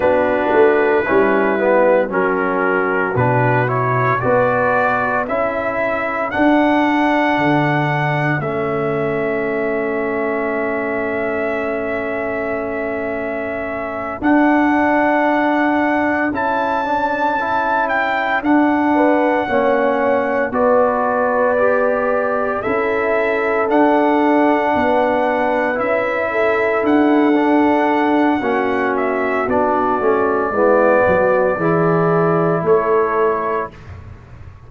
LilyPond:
<<
  \new Staff \with { instrumentName = "trumpet" } { \time 4/4 \tempo 4 = 57 b'2 ais'4 b'8 cis''8 | d''4 e''4 fis''2 | e''1~ | e''4. fis''2 a''8~ |
a''4 g''8 fis''2 d''8~ | d''4. e''4 fis''4.~ | fis''8 e''4 fis''2 e''8 | d''2. cis''4 | }
  \new Staff \with { instrumentName = "horn" } { \time 4/4 fis'4 e'4 fis'2 | b'4 a'2.~ | a'1~ | a'1~ |
a'2 b'8 cis''4 b'8~ | b'4. a'2 b'8~ | b'4 a'2 fis'4~ | fis'4 e'8 fis'8 gis'4 a'4 | }
  \new Staff \with { instrumentName = "trombone" } { \time 4/4 d'4 cis'8 b8 cis'4 d'8 e'8 | fis'4 e'4 d'2 | cis'1~ | cis'4. d'2 e'8 |
d'8 e'4 d'4 cis'4 fis'8~ | fis'8 g'4 e'4 d'4.~ | d'8 e'4. d'4 cis'4 | d'8 cis'8 b4 e'2 | }
  \new Staff \with { instrumentName = "tuba" } { \time 4/4 b8 a8 g4 fis4 b,4 | b4 cis'4 d'4 d4 | a1~ | a4. d'2 cis'8~ |
cis'4. d'4 ais4 b8~ | b4. cis'4 d'4 b8~ | b8 cis'4 d'4. ais4 | b8 a8 gis8 fis8 e4 a4 | }
>>